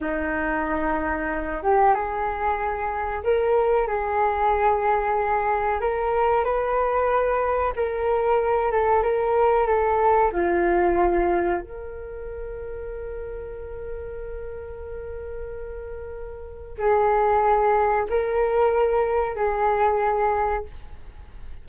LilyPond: \new Staff \with { instrumentName = "flute" } { \time 4/4 \tempo 4 = 93 dis'2~ dis'8 g'8 gis'4~ | gis'4 ais'4 gis'2~ | gis'4 ais'4 b'2 | ais'4. a'8 ais'4 a'4 |
f'2 ais'2~ | ais'1~ | ais'2 gis'2 | ais'2 gis'2 | }